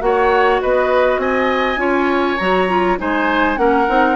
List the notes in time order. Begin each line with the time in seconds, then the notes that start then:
0.00 A#3 F#4 C#5 F#5
0.61 B3 B4 D#5
1.17 C4 D#5 G#5
1.76 C#4 F4 C#5
2.37 F#3 F#4 A#5
2.68 F4
2.98 G#3 D#4 C5 G#5
3.56 A#3 C#4 A#4 F#5
3.88 C4 D#4